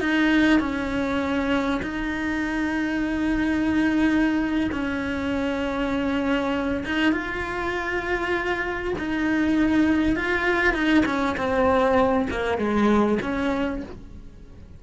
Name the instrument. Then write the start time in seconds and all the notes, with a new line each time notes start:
cello
0.00 D#4
0.60 C#4
1.83 D#4
4.72 C#4
6.85 D#4
7.12 F4
8.99 D#4
10.16 F4
10.74 D#4
11.06 C#4
11.37 C4
12.31 A#3
12.58 G#3
13.22 C#4